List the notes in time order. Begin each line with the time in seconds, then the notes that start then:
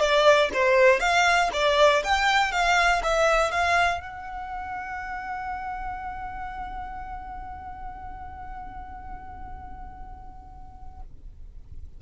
0.00 D5
0.53 C5
1.00 F5
1.53 D5
2.04 G5
2.52 F5
3.03 E5
3.51 F5
4.01 F#5